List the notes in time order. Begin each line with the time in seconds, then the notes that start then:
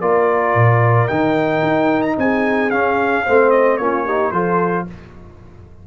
0.00 A#3 F4 A#4 D5
0.55 A#2
1.08 D#3 D#4 G5
1.63 D#4
2.02 A#5
2.18 C4 G#4 G#5
2.71 C#4 F5
3.24 A3 C4 C5
3.50 D#5
3.77 A#3 C#4 F4 C#5
4.05 D#4 G4
4.32 F3 F4 A4 C5